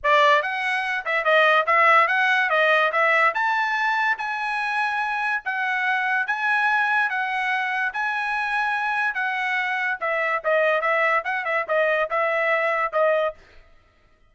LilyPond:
\new Staff \with { instrumentName = "trumpet" } { \time 4/4 \tempo 4 = 144 d''4 fis''4. e''8 dis''4 | e''4 fis''4 dis''4 e''4 | a''2 gis''2~ | gis''4 fis''2 gis''4~ |
gis''4 fis''2 gis''4~ | gis''2 fis''2 | e''4 dis''4 e''4 fis''8 e''8 | dis''4 e''2 dis''4 | }